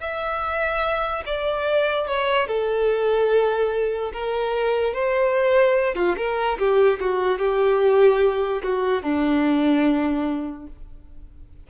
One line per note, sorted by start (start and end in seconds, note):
0.00 1.23 E5
1.26 2.07 D5
2.07 2.47 C#5
2.47 4.12 A4
4.13 4.94 A#4
4.94 5.94 C5
5.94 6.15 F4
6.17 6.58 A#4
6.58 6.99 G4
7.00 7.38 F#4
7.38 8.62 G4
8.63 9.02 F#4
9.02 10.67 D4